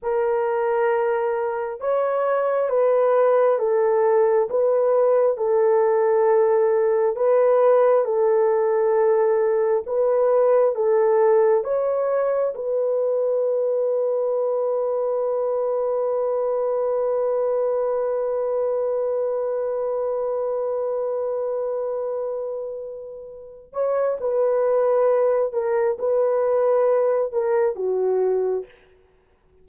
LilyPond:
\new Staff \with { instrumentName = "horn" } { \time 4/4 \tempo 4 = 67 ais'2 cis''4 b'4 | a'4 b'4 a'2 | b'4 a'2 b'4 | a'4 cis''4 b'2~ |
b'1~ | b'1~ | b'2~ b'8 cis''8 b'4~ | b'8 ais'8 b'4. ais'8 fis'4 | }